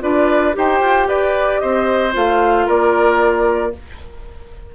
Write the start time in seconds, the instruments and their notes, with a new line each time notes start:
0.00 bassoon D4, clarinet F4, oboe B4, flute D5
0.53 bassoon D#4, clarinet G4, oboe C5, flute G5
0.81 bassoon F4
1.08 bassoon G4, oboe B4, flute D5
1.60 bassoon C4, oboe C5, flute D#5
2.13 bassoon A3, clarinet F4, flute F5
2.67 bassoon A#3, oboe A#4, flute D5